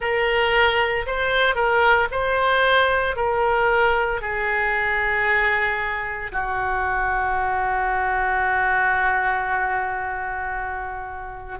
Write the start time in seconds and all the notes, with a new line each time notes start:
0.00 A#4
1.06 C5
1.55 A#4
2.11 C5
3.16 A#4
4.21 G#4
6.32 F#4